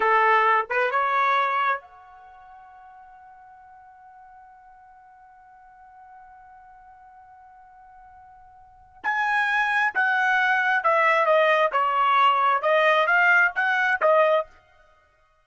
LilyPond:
\new Staff \with { instrumentName = "trumpet" } { \time 4/4 \tempo 4 = 133 a'4. b'8 cis''2 | fis''1~ | fis''1~ | fis''1~ |
fis''1 | gis''2 fis''2 | e''4 dis''4 cis''2 | dis''4 f''4 fis''4 dis''4 | }